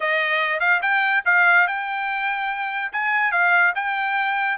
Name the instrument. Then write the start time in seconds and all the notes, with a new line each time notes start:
trumpet
0.00 D#5
0.60 F5
0.81 G5
1.25 F5
1.67 G5
2.92 G#5
3.31 F5
3.75 G5